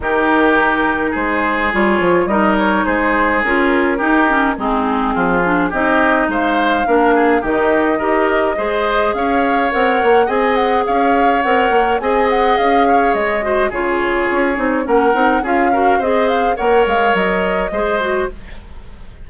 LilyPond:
<<
  \new Staff \with { instrumentName = "flute" } { \time 4/4 \tempo 4 = 105 ais'2 c''4 cis''4 | dis''8 cis''8 c''4 ais'2 | gis'2 dis''4 f''4~ | f''4 dis''2. |
f''4 fis''4 gis''8 fis''8 f''4 | fis''4 gis''8 fis''8 f''4 dis''4 | cis''2 fis''4 f''4 | dis''8 f''8 fis''8 f''8 dis''2 | }
  \new Staff \with { instrumentName = "oboe" } { \time 4/4 g'2 gis'2 | ais'4 gis'2 g'4 | dis'4 f'4 g'4 c''4 | ais'8 gis'8 g'4 ais'4 c''4 |
cis''2 dis''4 cis''4~ | cis''4 dis''4. cis''4 c''8 | gis'2 ais'4 gis'8 ais'8 | c''4 cis''2 c''4 | }
  \new Staff \with { instrumentName = "clarinet" } { \time 4/4 dis'2. f'4 | dis'2 f'4 dis'8 cis'8 | c'4. d'8 dis'2 | d'4 dis'4 g'4 gis'4~ |
gis'4 ais'4 gis'2 | ais'4 gis'2~ gis'8 fis'8 | f'4. dis'8 cis'8 dis'8 f'8 fis'8 | gis'4 ais'2 gis'8 fis'8 | }
  \new Staff \with { instrumentName = "bassoon" } { \time 4/4 dis2 gis4 g8 f8 | g4 gis4 cis'4 dis'4 | gis4 f4 c'4 gis4 | ais4 dis4 dis'4 gis4 |
cis'4 c'8 ais8 c'4 cis'4 | c'8 ais8 c'4 cis'4 gis4 | cis4 cis'8 c'8 ais8 c'8 cis'4 | c'4 ais8 gis8 fis4 gis4 | }
>>